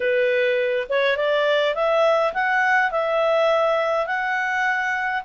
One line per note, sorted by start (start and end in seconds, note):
0.00 0.87 B4
0.89 1.17 C#5
1.17 1.74 D5
1.74 2.33 E5
2.33 2.91 F#5
2.91 4.06 E5
4.06 5.23 F#5